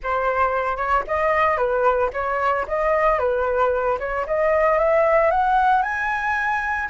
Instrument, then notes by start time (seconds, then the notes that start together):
flute
0.03 C5
0.76 C#5
1.07 D#5
1.57 B4
2.13 C#5
2.67 D#5
3.18 B4
3.99 C#5
4.26 D#5
4.78 E5
5.30 F#5
5.82 G#5